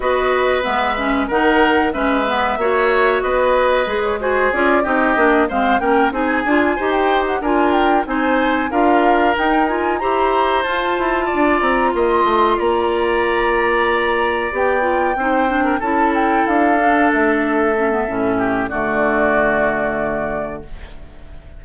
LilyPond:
<<
  \new Staff \with { instrumentName = "flute" } { \time 4/4 \tempo 4 = 93 dis''4 e''4 fis''4 e''4~ | e''4 dis''4~ dis''16 cis''16 c''8 d''8 dis''8~ | dis''8 f''8 g''8 gis''4~ gis''16 g''8 fis''16 gis''8 | g''8 gis''4 f''4 g''8 gis''8 ais''8~ |
ais''8 a''4. ais''8 c'''4 ais''8~ | ais''2~ ais''8 g''4.~ | g''8 a''8 g''8 f''4 e''4.~ | e''4 d''2. | }
  \new Staff \with { instrumentName = "oboe" } { \time 4/4 b'2 ais'4 b'4 | cis''4 b'4. gis'4 g'8~ | g'8 c''8 ais'8 gis'4 c''4 ais'8~ | ais'8 c''4 ais'2 c''8~ |
c''4. d''4 dis''4 d''8~ | d''2.~ d''8 c''8~ | c''16 ais'16 a'2.~ a'8~ | a'8 g'8 fis'2. | }
  \new Staff \with { instrumentName = "clarinet" } { \time 4/4 fis'4 b8 cis'8 dis'4 cis'8 b8 | fis'2 gis'8 fis'8 f'8 dis'8 | d'8 c'8 cis'8 dis'8 f'8 g'4 f'8~ | f'8 dis'4 f'4 dis'8 f'8 g'8~ |
g'8 f'2.~ f'8~ | f'2~ f'8 g'8 f'8 dis'8 | d'8 e'4. d'4. cis'16 b16 | cis'4 a2. | }
  \new Staff \with { instrumentName = "bassoon" } { \time 4/4 b4 gis4 dis4 gis4 | ais4 b4 gis4 cis'8 c'8 | ais8 gis8 ais8 c'8 d'8 dis'4 d'8~ | d'8 c'4 d'4 dis'4 e'8~ |
e'8 f'8 e'8 d'8 c'8 ais8 a8 ais8~ | ais2~ ais8 b4 c'8~ | c'8 cis'4 d'4 a4. | a,4 d2. | }
>>